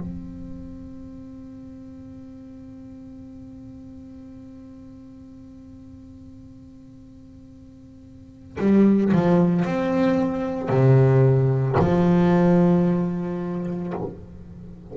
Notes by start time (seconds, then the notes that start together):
0.00 C4
8.59 G3
9.13 F3
9.65 C4
10.69 C3
11.80 F3